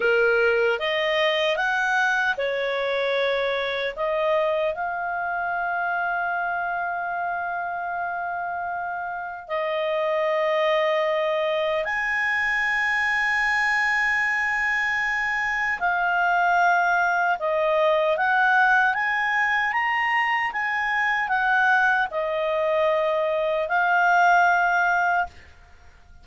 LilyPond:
\new Staff \with { instrumentName = "clarinet" } { \time 4/4 \tempo 4 = 76 ais'4 dis''4 fis''4 cis''4~ | cis''4 dis''4 f''2~ | f''1 | dis''2. gis''4~ |
gis''1 | f''2 dis''4 fis''4 | gis''4 ais''4 gis''4 fis''4 | dis''2 f''2 | }